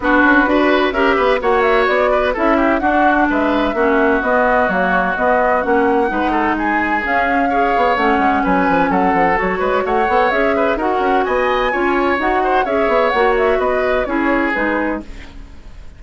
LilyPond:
<<
  \new Staff \with { instrumentName = "flute" } { \time 4/4 \tempo 4 = 128 b'2 e''4 fis''8 e''8 | d''4 e''4 fis''4 e''4~ | e''4 dis''4 cis''4 dis''4 | fis''2 gis''4 f''4~ |
f''4 fis''4 gis''4 fis''4 | cis''4 fis''4 e''4 fis''4 | gis''2 fis''4 e''4 | fis''8 e''8 dis''4 cis''4 b'4 | }
  \new Staff \with { instrumentName = "oboe" } { \time 4/4 fis'4 b'4 ais'8 b'8 cis''4~ | cis''8 b'8 a'8 g'8 fis'4 b'4 | fis'1~ | fis'4 b'8 a'8 gis'2 |
cis''2 b'4 a'4~ | a'8 b'8 cis''4. b'8 ais'4 | dis''4 cis''4. c''8 cis''4~ | cis''4 b'4 gis'2 | }
  \new Staff \with { instrumentName = "clarinet" } { \time 4/4 d'4 fis'4 g'4 fis'4~ | fis'4 e'4 d'2 | cis'4 b4 ais4 b4 | cis'4 dis'2 cis'4 |
gis'4 cis'2. | fis'4. a'8 gis'4 fis'4~ | fis'4 f'4 fis'4 gis'4 | fis'2 e'4 dis'4 | }
  \new Staff \with { instrumentName = "bassoon" } { \time 4/4 b8 cis'8 d'4 cis'8 b8 ais4 | b4 cis'4 d'4 gis4 | ais4 b4 fis4 b4 | ais4 gis2 cis'4~ |
cis'8 b8 a8 gis8 fis8 f8 fis8 f8 | fis8 gis8 a8 b8 cis'4 dis'8 cis'8 | b4 cis'4 dis'4 cis'8 b8 | ais4 b4 cis'4 gis4 | }
>>